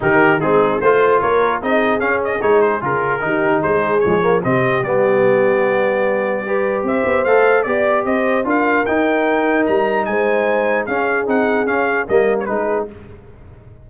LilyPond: <<
  \new Staff \with { instrumentName = "trumpet" } { \time 4/4 \tempo 4 = 149 ais'4 gis'4 c''4 cis''4 | dis''4 f''8 dis''8 cis''8 c''8 ais'4~ | ais'4 c''4 cis''4 dis''4 | d''1~ |
d''4 e''4 f''4 d''4 | dis''4 f''4 g''2 | ais''4 gis''2 f''4 | fis''4 f''4 dis''8. cis''16 b'4 | }
  \new Staff \with { instrumentName = "horn" } { \time 4/4 g'4 dis'4 c''4 ais'4 | gis'1 | g'4 gis'2 g'4~ | g'1 |
b'4 c''2 d''4 | c''4 ais'2.~ | ais'4 c''2 gis'4~ | gis'2 ais'4 gis'4 | }
  \new Staff \with { instrumentName = "trombone" } { \time 4/4 dis'4 c'4 f'2 | dis'4 cis'4 dis'4 f'4 | dis'2 gis8 ais8 c'4 | b1 |
g'2 a'4 g'4~ | g'4 f'4 dis'2~ | dis'2. cis'4 | dis'4 cis'4 ais4 dis'4 | }
  \new Staff \with { instrumentName = "tuba" } { \time 4/4 dis4 gis4 a4 ais4 | c'4 cis'4 gis4 cis4 | dis4 gis4 f4 c4 | g1~ |
g4 c'8 b8 a4 b4 | c'4 d'4 dis'2 | g4 gis2 cis'4 | c'4 cis'4 g4 gis4 | }
>>